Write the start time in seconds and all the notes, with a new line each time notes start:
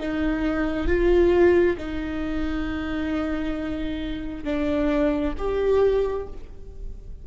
0.00 D#4
0.88 F4
1.78 D#4
4.45 D4
5.38 G4